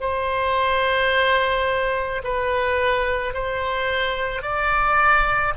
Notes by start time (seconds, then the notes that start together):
0.00 C5
2.24 B4
3.34 C5
4.42 D5